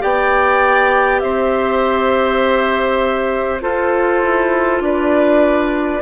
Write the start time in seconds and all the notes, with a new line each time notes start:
0.00 B3 G4 D5 G5
1.19 C4 C5 E5
3.60 F4 A4 C5
4.22 E4
4.79 D4 B4 D5